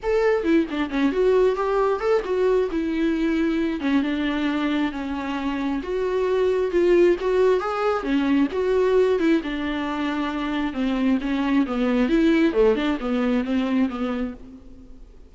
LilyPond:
\new Staff \with { instrumentName = "viola" } { \time 4/4 \tempo 4 = 134 a'4 e'8 d'8 cis'8 fis'4 g'8~ | g'8 a'8 fis'4 e'2~ | e'8 cis'8 d'2 cis'4~ | cis'4 fis'2 f'4 |
fis'4 gis'4 cis'4 fis'4~ | fis'8 e'8 d'2. | c'4 cis'4 b4 e'4 | a8 d'8 b4 c'4 b4 | }